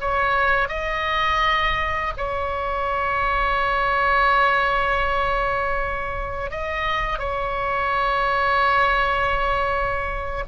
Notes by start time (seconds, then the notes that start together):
0.00 C#5
0.68 D#5
2.17 C#5
6.51 D#5
7.18 C#5